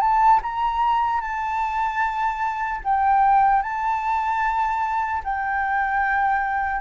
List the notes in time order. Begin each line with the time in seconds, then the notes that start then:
0.00 A5
0.42 A#5
1.21 A5
2.84 G5
3.62 A5
5.24 G5